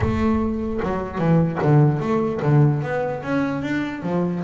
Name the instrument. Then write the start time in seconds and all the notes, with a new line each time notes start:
double bass
0.00 A3
0.82 F#3
1.18 E3
1.62 D3
2.00 A3
2.42 D3
2.82 B3
3.23 C#4
3.62 D4
4.02 F3